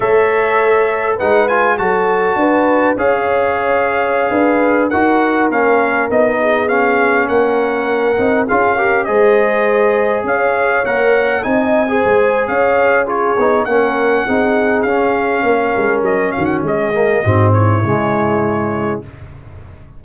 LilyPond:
<<
  \new Staff \with { instrumentName = "trumpet" } { \time 4/4 \tempo 4 = 101 e''2 fis''8 gis''8 a''4~ | a''4 f''2.~ | f''16 fis''4 f''4 dis''4 f''8.~ | f''16 fis''2 f''4 dis''8.~ |
dis''4~ dis''16 f''4 fis''4 gis''8.~ | gis''4 f''4 cis''4 fis''4~ | fis''4 f''2 dis''8 f''16 fis''16 | dis''4. cis''2~ cis''8 | }
  \new Staff \with { instrumentName = "horn" } { \time 4/4 cis''2 b'4 a'4 | b'4 cis''2~ cis''16 b'8.~ | b'16 ais'2~ ais'8 gis'4~ gis'16~ | gis'16 ais'2 gis'8 ais'8 c''8.~ |
c''4~ c''16 cis''2 dis''8. | c''4 cis''4 gis'4 ais'4 | gis'2 ais'4. fis'8 | gis'4 fis'8 e'2~ e'8 | }
  \new Staff \with { instrumentName = "trombone" } { \time 4/4 a'2 dis'8 f'8 fis'4~ | fis'4 gis'2.~ | gis'16 fis'4 cis'4 dis'4 cis'8.~ | cis'4.~ cis'16 dis'8 f'8 g'8 gis'8.~ |
gis'2~ gis'16 ais'4 dis'8. | gis'2 f'8 dis'8 cis'4 | dis'4 cis'2.~ | cis'8 ais8 c'4 gis2 | }
  \new Staff \with { instrumentName = "tuba" } { \time 4/4 a2 gis4 fis4 | d'4 cis'2~ cis'16 d'8.~ | d'16 dis'4 ais4 b4.~ b16~ | b16 ais4. c'8 cis'4 gis8.~ |
gis4~ gis16 cis'4 ais4 c'8.~ | c'16 gis8. cis'4. b8 ais4 | c'4 cis'4 ais8 gis8 fis8 dis8 | gis4 gis,4 cis2 | }
>>